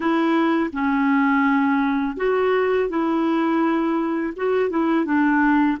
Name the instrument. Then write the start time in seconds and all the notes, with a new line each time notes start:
clarinet
0.00 E4
0.72 C#4
2.17 F#4
2.89 E4
4.36 F#4
4.70 E4
5.05 D4